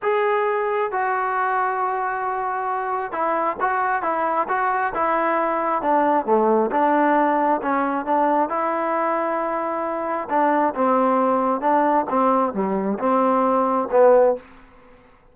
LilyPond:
\new Staff \with { instrumentName = "trombone" } { \time 4/4 \tempo 4 = 134 gis'2 fis'2~ | fis'2. e'4 | fis'4 e'4 fis'4 e'4~ | e'4 d'4 a4 d'4~ |
d'4 cis'4 d'4 e'4~ | e'2. d'4 | c'2 d'4 c'4 | g4 c'2 b4 | }